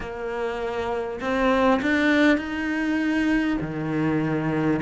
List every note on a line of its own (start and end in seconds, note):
0.00 1.19 A#3
1.20 1.80 C4
1.81 2.37 D4
2.37 3.57 D#4
3.61 4.81 D#3